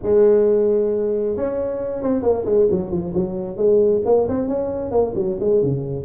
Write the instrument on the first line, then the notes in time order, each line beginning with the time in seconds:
tuba
0.02 G#3
1.36 C#4
2.02 C4
2.22 A#3
2.45 G#3
2.70 F#3
2.90 F3
3.14 F#3
3.57 G#3
4.05 A#3
4.28 C4
4.48 C#4
4.91 A#3
5.15 F#3
5.40 G#3
5.62 C#3